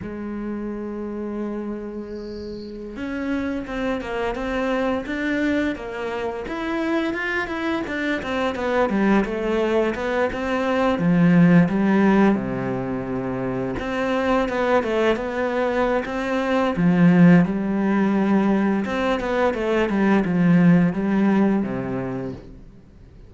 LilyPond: \new Staff \with { instrumentName = "cello" } { \time 4/4 \tempo 4 = 86 gis1~ | gis16 cis'4 c'8 ais8 c'4 d'8.~ | d'16 ais4 e'4 f'8 e'8 d'8 c'16~ | c'16 b8 g8 a4 b8 c'4 f16~ |
f8. g4 c2 c'16~ | c'8. b8 a8 b4~ b16 c'4 | f4 g2 c'8 b8 | a8 g8 f4 g4 c4 | }